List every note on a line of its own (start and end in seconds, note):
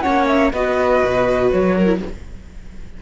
0.00 0.52 A#3
0.00 0.51 C#4
0.00 0.52 C#5
0.00 0.25 F#5
0.26 0.51 E5
0.52 1.02 B3
0.52 1.86 F#4
0.52 1.75 B4
0.52 1.50 D#5
1.03 1.52 B2
1.50 2.01 F#3
1.50 2.00 C#5
1.75 2.00 A#4
1.86 1.98 E4